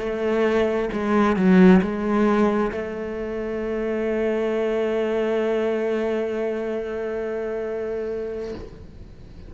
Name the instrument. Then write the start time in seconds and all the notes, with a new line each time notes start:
cello
0.00 A3
0.93 G#3
1.37 F#3
1.82 G#3
2.72 A3